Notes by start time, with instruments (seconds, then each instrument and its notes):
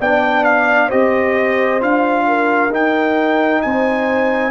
0.00 tuba B3, trombone D4, horn D5, trumpet G5
0.44 trumpet F5
0.87 tuba C4, trombone G4, horn C5, trumpet D#5
1.80 tuba D4, trombone F4, trumpet F5
2.27 horn A#4
2.70 tuba D#4, trombone D#4, trumpet G5
3.62 tuba C4, horn C5, trumpet G#5